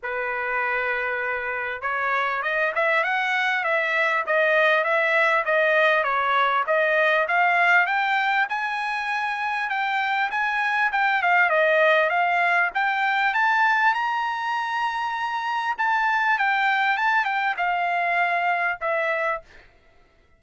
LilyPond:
\new Staff \with { instrumentName = "trumpet" } { \time 4/4 \tempo 4 = 99 b'2. cis''4 | dis''8 e''8 fis''4 e''4 dis''4 | e''4 dis''4 cis''4 dis''4 | f''4 g''4 gis''2 |
g''4 gis''4 g''8 f''8 dis''4 | f''4 g''4 a''4 ais''4~ | ais''2 a''4 g''4 | a''8 g''8 f''2 e''4 | }